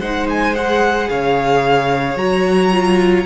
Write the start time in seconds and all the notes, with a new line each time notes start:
0.00 G#3 D#4 C5 F#5
0.30 G#5
0.55 G#4 F#5
1.10 C#3 C#5 F5
2.16 F#3 F#4 A#5
2.72 F4